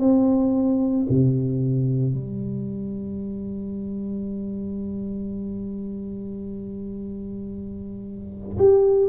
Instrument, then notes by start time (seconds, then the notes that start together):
tuba
0.00 C4
1.10 C3
2.14 G3
8.59 G4